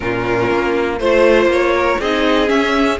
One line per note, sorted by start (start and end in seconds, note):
0.00 0.50 A#2
0.00 0.98 C#4
0.00 0.99 F4
0.00 0.96 A#4
0.51 1.00 A#3
0.99 1.46 A3
0.99 2.01 F4
0.99 1.74 C5
0.99 1.50 C5
1.46 1.96 A#3
1.52 2.00 C#5
1.75 1.99 A#4
1.99 2.49 C4
1.99 2.46 D#4
1.99 2.99 G#4
1.99 2.49 D#5
2.46 2.96 C#4
2.46 2.99 C#4
2.46 2.99 E5